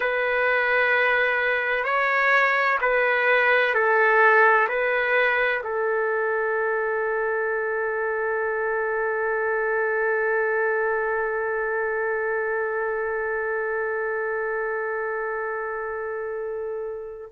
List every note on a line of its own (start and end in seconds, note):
0.00 1.84 B4
1.84 2.78 C#5
2.81 3.74 B4
3.74 4.67 A4
4.68 5.62 B4
5.63 17.32 A4